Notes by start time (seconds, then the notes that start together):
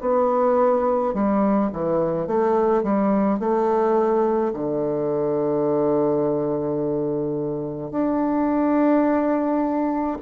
0.00 B3
1.14 G3
1.72 E3
2.27 A3
2.83 G3
3.39 A3
4.53 D3
7.91 D4